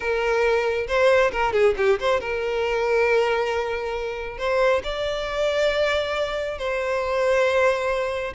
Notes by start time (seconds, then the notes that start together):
0.00 A#4
0.87 C5
1.31 A#4
1.52 G#4
1.77 G4
1.99 C5
2.20 A#4
4.38 C5
4.83 D5
6.58 C5